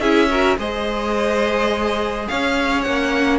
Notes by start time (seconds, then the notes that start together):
0.00 C#4 E4 G#4 E5
0.30 F#4 A#4
0.58 G#3 G#4 C5 D#5
2.28 C#4 C#5 F5
2.81 A#3 C#4 F#5